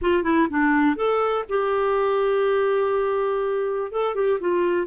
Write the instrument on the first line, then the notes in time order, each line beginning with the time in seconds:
clarinet
0.01 F4
0.23 E4
0.49 D4
0.96 A4
1.49 G4
3.91 A4
4.14 G4
4.40 F4